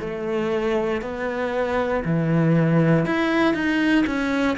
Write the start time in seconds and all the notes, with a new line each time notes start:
0.00 A3
1.02 B3
2.05 E3
3.06 E4
3.54 D#4
4.06 C#4